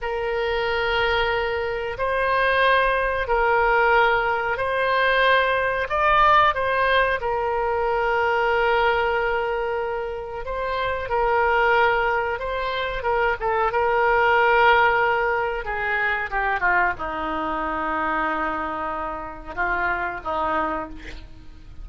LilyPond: \new Staff \with { instrumentName = "oboe" } { \time 4/4 \tempo 4 = 92 ais'2. c''4~ | c''4 ais'2 c''4~ | c''4 d''4 c''4 ais'4~ | ais'1 |
c''4 ais'2 c''4 | ais'8 a'8 ais'2. | gis'4 g'8 f'8 dis'2~ | dis'2 f'4 dis'4 | }